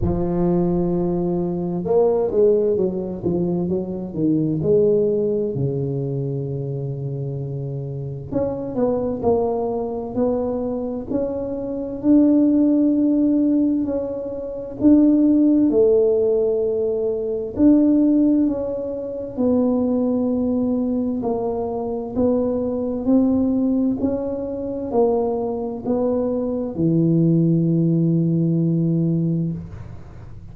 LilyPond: \new Staff \with { instrumentName = "tuba" } { \time 4/4 \tempo 4 = 65 f2 ais8 gis8 fis8 f8 | fis8 dis8 gis4 cis2~ | cis4 cis'8 b8 ais4 b4 | cis'4 d'2 cis'4 |
d'4 a2 d'4 | cis'4 b2 ais4 | b4 c'4 cis'4 ais4 | b4 e2. | }